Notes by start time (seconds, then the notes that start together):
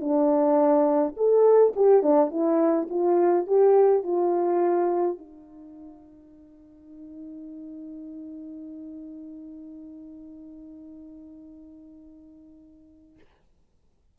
0.00 D4
1.16 A4
1.76 G4
2.02 D4
2.30 E4
2.90 F4
3.47 G4
4.03 F4
5.18 D#4